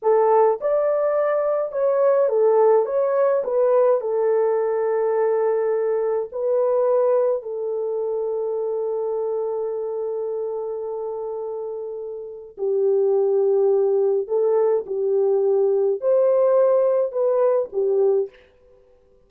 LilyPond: \new Staff \with { instrumentName = "horn" } { \time 4/4 \tempo 4 = 105 a'4 d''2 cis''4 | a'4 cis''4 b'4 a'4~ | a'2. b'4~ | b'4 a'2.~ |
a'1~ | a'2 g'2~ | g'4 a'4 g'2 | c''2 b'4 g'4 | }